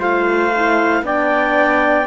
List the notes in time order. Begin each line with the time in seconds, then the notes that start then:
0.00 A3 F4 C5 F5
0.56 E4
1.02 B3 D4 D5 G5